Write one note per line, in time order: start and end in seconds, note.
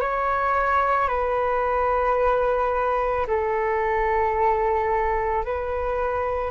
0.00 1.08 C#5
1.08 3.26 B4
3.27 5.44 A4
5.44 6.51 B4